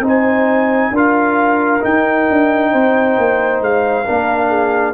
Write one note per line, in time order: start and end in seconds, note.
0.00 0.90 C4
0.00 0.93 D#4
0.00 0.93 C5
0.08 0.97 G#5
0.91 1.81 D4
0.91 1.80 F4
0.91 2.72 A#4
0.91 1.84 F5
1.80 4.04 D#4
1.80 2.29 D#4
1.80 3.63 G5
2.30 2.74 D4
2.72 3.18 C4
2.72 4.06 C5
3.18 3.61 A#3
3.61 4.05 G#3
3.61 4.94 F5
4.05 4.94 A#3
4.05 4.94 D4
4.05 4.49 A#4
4.49 4.94 G#4